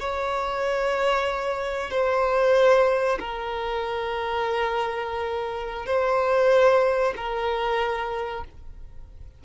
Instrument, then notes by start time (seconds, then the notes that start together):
violin
0.00 C#5
1.91 C5
3.20 A#4
5.86 C5
7.17 A#4